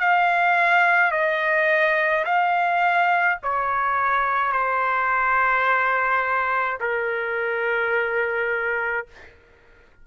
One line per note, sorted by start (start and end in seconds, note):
0.00 1.12 F5
1.12 2.25 D#5
2.25 3.39 F5
3.43 4.52 C#5
4.52 6.79 C5
6.80 9.07 A#4